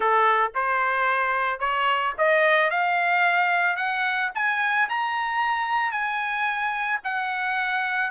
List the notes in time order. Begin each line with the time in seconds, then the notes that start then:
0.00 A4
0.55 C5
1.59 C#5
2.18 D#5
2.70 F5
3.76 F#5
4.34 G#5
4.89 A#5
5.91 G#5
7.04 F#5